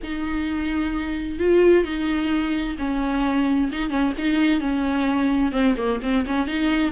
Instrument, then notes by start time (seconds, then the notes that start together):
viola
0.03 D#4
1.39 F4
1.84 D#4
2.78 C#4
3.72 D#4
3.90 C#4
4.18 D#4
4.60 C#4
5.52 C4
5.77 A#3
6.02 C4
6.26 C#4
6.47 D#4